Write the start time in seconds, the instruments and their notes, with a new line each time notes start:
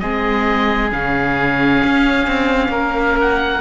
0.00 cello G#3, viola C4, oboe G#4 D#5
0.91 cello C#3, viola C#4, oboe F5
1.84 cello C#4
2.27 cello C4
2.69 cello A#3, oboe A#4
3.21 oboe F#5